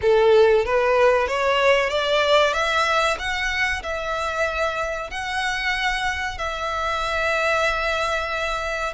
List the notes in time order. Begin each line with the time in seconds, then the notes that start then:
0.01 A4
0.65 B4
1.27 C#5
1.89 D5
2.53 E5
3.18 F#5
3.82 E5
5.10 F#5
6.38 E5